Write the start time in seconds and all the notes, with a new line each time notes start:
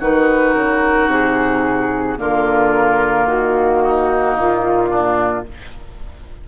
0.00 D#3 D#4 F#4 B4
0.54 C#3 A#4
1.07 C3 G#4
2.17 D3 A#3 F4 A#4
3.26 D#3 F#4
3.83 D#4
4.37 A#2 F4
4.90 D4